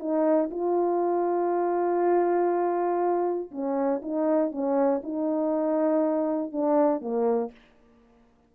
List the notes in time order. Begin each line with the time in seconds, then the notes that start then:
0.00 D#4
0.51 F4
3.52 C#4
4.02 D#4
4.52 C#4
5.03 D#4
6.52 D4
7.01 A#3